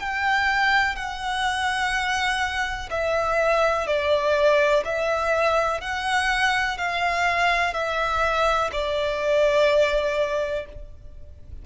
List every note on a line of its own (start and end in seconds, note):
0.00 0.96 G5
0.96 2.89 F#5
2.91 3.87 E5
3.87 4.84 D5
4.85 5.81 E5
5.81 6.78 F#5
6.78 7.74 F5
7.74 8.71 E5
8.72 10.66 D5